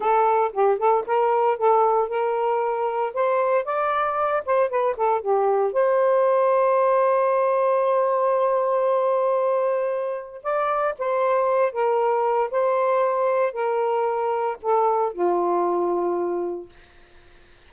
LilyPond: \new Staff \with { instrumentName = "saxophone" } { \time 4/4 \tempo 4 = 115 a'4 g'8 a'8 ais'4 a'4 | ais'2 c''4 d''4~ | d''8 c''8 b'8 a'8 g'4 c''4~ | c''1~ |
c''1 | d''4 c''4. ais'4. | c''2 ais'2 | a'4 f'2. | }